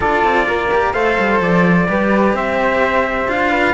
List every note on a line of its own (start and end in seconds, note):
0.00 0.23 D4
0.00 0.69 F4
0.00 0.45 A4
0.00 0.93 D5
0.23 0.47 C4
0.47 0.94 A#3
0.47 0.93 A#4
0.71 0.93 G4
0.93 1.17 A3
0.93 1.87 A4
0.93 1.87 C5
0.93 1.40 F5
1.18 1.40 G3
1.40 1.87 F3
1.40 2.35 D5
1.88 2.33 G3
1.88 3.28 G4
1.88 2.34 B4
2.33 3.26 C4
2.33 3.50 C5
2.33 3.29 E5
3.27 3.73 D4
3.27 3.73 F4
3.27 3.73 F5
3.50 3.73 B4